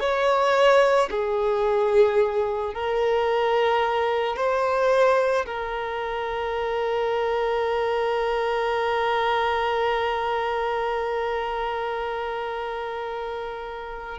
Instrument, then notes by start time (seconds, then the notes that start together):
violin
0.00 C#5
1.10 G#4
2.74 A#4
4.36 C5
5.45 A#4